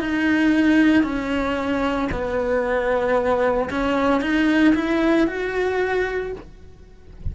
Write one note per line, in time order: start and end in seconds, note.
0.00 1.03 D#4
1.03 2.09 C#4
2.12 3.70 B3
3.70 4.22 C#4
4.22 4.74 D#4
4.75 5.27 E4
5.27 6.33 F#4